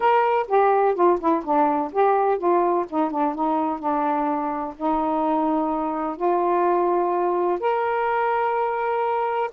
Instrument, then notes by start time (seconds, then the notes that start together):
saxophone
0.00 A#4
0.47 G4
0.94 F4
1.19 E4
1.44 D4
1.92 G4
2.37 F4
2.89 D#4
3.10 D4
3.34 D#4
3.79 D4
4.77 D#4
6.16 F4
7.60 A#4